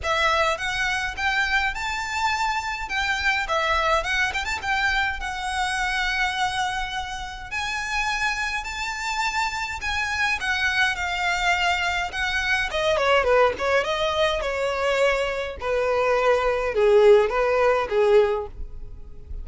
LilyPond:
\new Staff \with { instrumentName = "violin" } { \time 4/4 \tempo 4 = 104 e''4 fis''4 g''4 a''4~ | a''4 g''4 e''4 fis''8 g''16 a''16 | g''4 fis''2.~ | fis''4 gis''2 a''4~ |
a''4 gis''4 fis''4 f''4~ | f''4 fis''4 dis''8 cis''8 b'8 cis''8 | dis''4 cis''2 b'4~ | b'4 gis'4 b'4 gis'4 | }